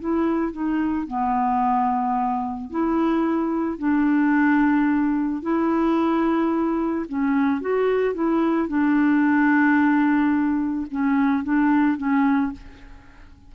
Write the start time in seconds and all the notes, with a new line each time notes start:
0.00 E4
0.53 D#4
1.07 B3
2.70 E4
3.79 D4
5.42 E4
7.09 C#4
7.61 F#4
8.14 E4
8.69 D4
10.91 C#4
11.44 D4
11.98 C#4